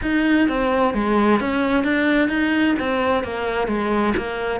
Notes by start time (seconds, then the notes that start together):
0.02 D#4
0.48 C4
0.94 G#3
1.40 C#4
1.84 D4
2.28 D#4
2.79 C4
3.23 A#3
3.67 G#3
4.16 A#3